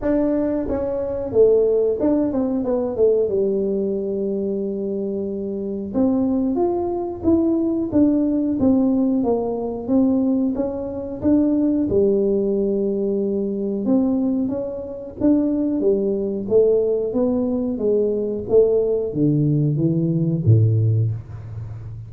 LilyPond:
\new Staff \with { instrumentName = "tuba" } { \time 4/4 \tempo 4 = 91 d'4 cis'4 a4 d'8 c'8 | b8 a8 g2.~ | g4 c'4 f'4 e'4 | d'4 c'4 ais4 c'4 |
cis'4 d'4 g2~ | g4 c'4 cis'4 d'4 | g4 a4 b4 gis4 | a4 d4 e4 a,4 | }